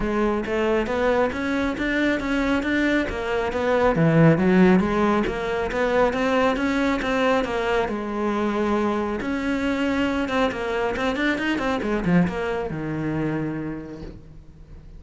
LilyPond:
\new Staff \with { instrumentName = "cello" } { \time 4/4 \tempo 4 = 137 gis4 a4 b4 cis'4 | d'4 cis'4 d'4 ais4 | b4 e4 fis4 gis4 | ais4 b4 c'4 cis'4 |
c'4 ais4 gis2~ | gis4 cis'2~ cis'8 c'8 | ais4 c'8 d'8 dis'8 c'8 gis8 f8 | ais4 dis2. | }